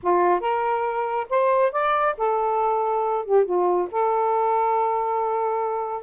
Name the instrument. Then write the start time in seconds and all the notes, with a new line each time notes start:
saxophone
0.02 F4
0.40 A#4
1.29 C5
1.71 D5
2.17 A4
3.25 G4
3.45 F4
3.91 A4